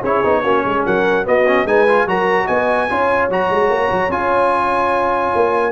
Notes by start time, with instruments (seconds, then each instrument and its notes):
0.00 tuba C#4, trombone E4, horn G#4, trumpet C#5
0.23 tuba B3, trombone D#4
0.43 tuba A#3, trombone C#4, horn F#4
0.64 tuba G#3, horn G#4
0.85 tuba F#3, horn A#4, trumpet F#5
1.24 trombone B3, tuba B3, horn F#4, trumpet D#5
1.46 trombone C#4
1.65 tuba G#3, trombone D#4, horn B4, trumpet G#5
1.87 trombone F4
2.06 tuba F#3, trombone F#4, horn A#4, trumpet A#5
2.45 tuba B3, horn D#5, trumpet G#5
2.89 tuba C#4, trombone F4, horn C#5
3.29 tuba F#3, trombone F#4, trumpet A#5
3.50 tuba G#3
3.69 tuba A#3
3.91 tuba F#3
4.08 tuba C#4, trombone F4, trumpet G#5
5.35 tuba A#3